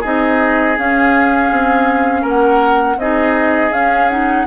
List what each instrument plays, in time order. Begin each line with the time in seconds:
0.00 bassoon C4, clarinet D#4, oboe G#4, flute D#5
0.77 clarinet C#4, bassoon C#4, flute F5
1.50 bassoon C4
2.21 bassoon A#3, oboe A#4, flute F#5
2.97 bassoon C4, clarinet D#4, oboe G#4, flute D#5
3.71 bassoon C#4, clarinet C#4, flute F5
4.09 clarinet D#4, flute F#5